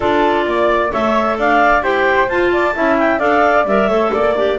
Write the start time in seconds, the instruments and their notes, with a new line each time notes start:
0.00 double bass D4, clarinet F4 D5, flute A4
0.46 double bass A#3, flute D5
0.89 double bass A3, clarinet A4 E5, flute C#5
1.38 double bass D4, flute D5, clarinet F5
1.82 double bass E4, clarinet G4 G5, flute C5
2.28 double bass F4, clarinet F4 A5
2.52 flute D5
2.73 double bass C#4, clarinet E4, flute E5
2.98 clarinet G5
3.19 double bass D4, clarinet A4 F5, flute D5
3.65 double bass G3, clarinet A#4 E5
3.87 double bass A3, clarinet A4, flute C#5
4.12 double bass A#3, flute D5, clarinet D5
4.35 flute D4, clarinet G4